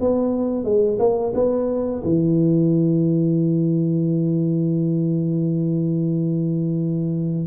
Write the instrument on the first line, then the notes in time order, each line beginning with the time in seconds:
tuba
0.00 B3
0.64 G#3
0.99 A#3
1.34 B3
2.03 E3